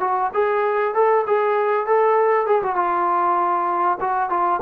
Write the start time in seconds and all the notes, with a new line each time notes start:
0.00 F#4
0.34 G#4
0.94 A4
1.27 G#4
1.86 A4
2.47 G#4
2.62 F#4
2.76 F4
4.00 F#4
4.29 F4